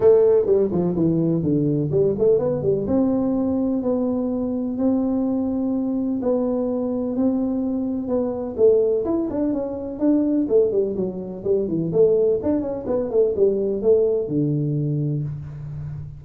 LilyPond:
\new Staff \with { instrumentName = "tuba" } { \time 4/4 \tempo 4 = 126 a4 g8 f8 e4 d4 | g8 a8 b8 g8 c'2 | b2 c'2~ | c'4 b2 c'4~ |
c'4 b4 a4 e'8 d'8 | cis'4 d'4 a8 g8 fis4 | g8 e8 a4 d'8 cis'8 b8 a8 | g4 a4 d2 | }